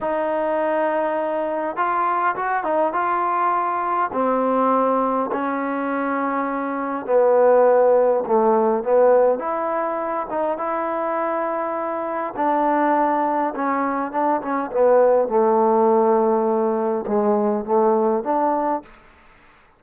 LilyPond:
\new Staff \with { instrumentName = "trombone" } { \time 4/4 \tempo 4 = 102 dis'2. f'4 | fis'8 dis'8 f'2 c'4~ | c'4 cis'2. | b2 a4 b4 |
e'4. dis'8 e'2~ | e'4 d'2 cis'4 | d'8 cis'8 b4 a2~ | a4 gis4 a4 d'4 | }